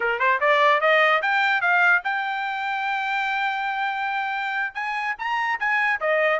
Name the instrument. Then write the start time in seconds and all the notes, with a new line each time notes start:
trumpet
0.00 A#4
0.19 C5
0.40 D5
0.81 D#5
1.22 G5
1.61 F5
2.04 G5
4.74 G#5
5.18 A#5
5.59 G#5
6.00 D#5